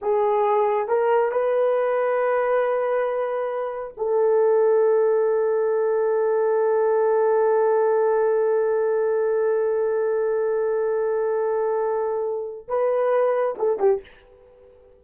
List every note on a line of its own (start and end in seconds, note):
0.01 0.88 G#4
0.88 1.31 A#4
1.31 3.94 B4
3.97 12.68 A4
12.68 13.55 B4
13.58 13.79 A4
13.79 14.01 G4